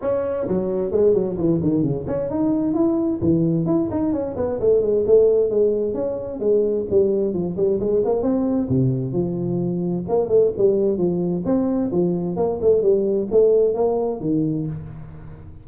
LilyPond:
\new Staff \with { instrumentName = "tuba" } { \time 4/4 \tempo 4 = 131 cis'4 fis4 gis8 fis8 e8 dis8 | cis8 cis'8 dis'4 e'4 e4 | e'8 dis'8 cis'8 b8 a8 gis8 a4 | gis4 cis'4 gis4 g4 |
f8 g8 gis8 ais8 c'4 c4 | f2 ais8 a8 g4 | f4 c'4 f4 ais8 a8 | g4 a4 ais4 dis4 | }